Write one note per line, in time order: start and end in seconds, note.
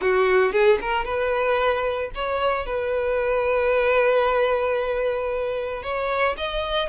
0.01 0.52 F#4
0.52 0.78 G#4
0.81 1.04 A#4
1.04 2.10 B4
2.15 2.66 C#5
2.66 5.82 B4
5.82 6.35 C#5
6.37 6.89 D#5